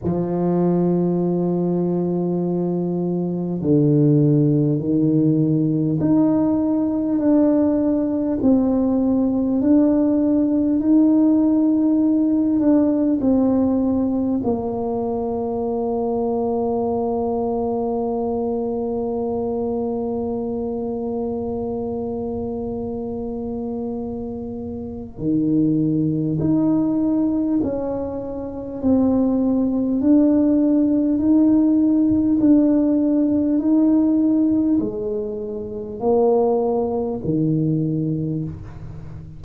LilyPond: \new Staff \with { instrumentName = "tuba" } { \time 4/4 \tempo 4 = 50 f2. d4 | dis4 dis'4 d'4 c'4 | d'4 dis'4. d'8 c'4 | ais1~ |
ais1~ | ais4 dis4 dis'4 cis'4 | c'4 d'4 dis'4 d'4 | dis'4 gis4 ais4 dis4 | }